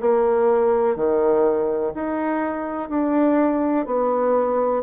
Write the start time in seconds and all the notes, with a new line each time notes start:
0.00 A#3
0.95 D#3
1.94 D#4
2.89 D4
3.86 B3